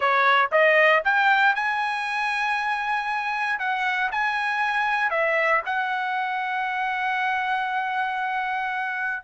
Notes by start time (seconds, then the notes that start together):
0.00 C#5
0.51 D#5
1.04 G5
1.55 G#5
3.59 F#5
4.11 G#5
5.10 E5
5.65 F#5